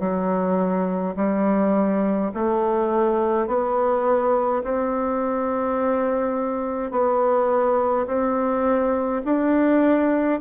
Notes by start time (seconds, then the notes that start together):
0.00 F#3
1.16 G3
2.34 A3
3.48 B3
4.64 C4
6.91 B3
8.07 C4
9.25 D4